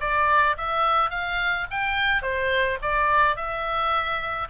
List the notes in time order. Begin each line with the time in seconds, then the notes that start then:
0.00 D5
0.57 E5
1.10 F5
1.71 G5
2.22 C5
2.82 D5
3.36 E5